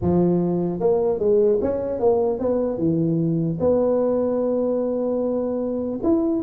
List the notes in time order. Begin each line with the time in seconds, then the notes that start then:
0.01 F3
0.80 A#3
1.19 G#3
1.61 C#4
1.99 A#3
2.39 B3
2.78 E3
3.59 B3
6.03 E4